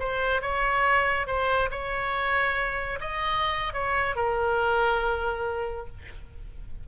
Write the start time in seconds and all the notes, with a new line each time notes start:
0.00 C5
0.42 C#5
1.27 C5
1.71 C#5
3.01 D#5
3.73 C#5
4.16 A#4